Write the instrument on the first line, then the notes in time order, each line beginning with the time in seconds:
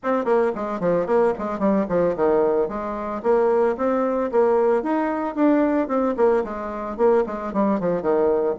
bassoon
0.03 C4
0.24 A#3
0.55 G#3
0.80 F3
1.06 A#3
1.38 G#3
1.59 G3
1.88 F3
2.16 D#3
2.68 G#3
3.22 A#3
3.77 C4
4.31 A#3
4.83 D#4
5.35 D4
5.88 C4
6.17 A#3
6.44 G#3
6.97 A#3
7.26 G#3
7.53 G3
7.79 F3
8.02 D#3